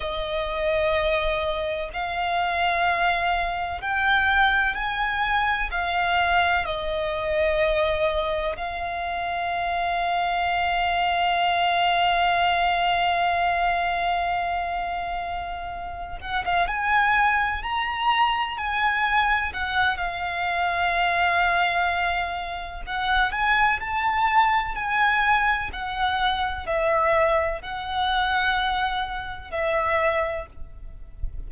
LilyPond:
\new Staff \with { instrumentName = "violin" } { \time 4/4 \tempo 4 = 63 dis''2 f''2 | g''4 gis''4 f''4 dis''4~ | dis''4 f''2.~ | f''1~ |
f''4 fis''16 f''16 gis''4 ais''4 gis''8~ | gis''8 fis''8 f''2. | fis''8 gis''8 a''4 gis''4 fis''4 | e''4 fis''2 e''4 | }